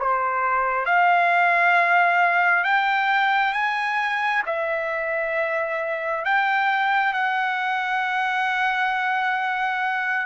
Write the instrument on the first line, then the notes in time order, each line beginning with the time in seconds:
trumpet
0.00 C5
0.86 F5
2.64 G5
3.53 G#5
4.47 E5
6.25 G5
7.14 F#5